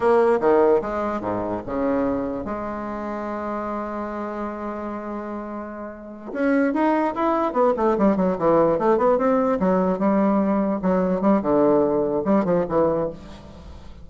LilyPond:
\new Staff \with { instrumentName = "bassoon" } { \time 4/4 \tempo 4 = 147 ais4 dis4 gis4 gis,4 | cis2 gis2~ | gis1~ | gis2.~ gis8 cis'8~ |
cis'8 dis'4 e'4 b8 a8 g8 | fis8 e4 a8 b8 c'4 fis8~ | fis8 g2 fis4 g8 | d2 g8 f8 e4 | }